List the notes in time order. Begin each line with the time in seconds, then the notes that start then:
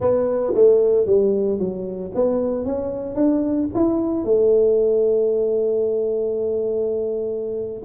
0.00 B3
0.54 A3
1.06 G3
1.58 F#3
2.15 B3
2.65 C#4
3.15 D4
3.74 E4
4.24 A3